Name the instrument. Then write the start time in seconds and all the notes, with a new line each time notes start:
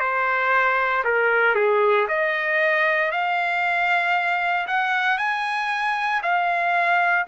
trumpet
0.00 C5
1.04 A#4
1.55 G#4
2.08 D#5
3.11 F5
4.67 F#5
5.18 G#5
6.22 F5